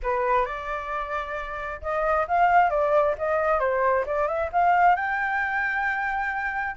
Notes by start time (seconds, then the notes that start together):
0.02 B4
0.45 D5
1.81 D#5
2.27 F5
2.69 D5
3.18 D#5
3.59 C5
4.05 D5
4.27 E5
4.52 F5
4.95 G5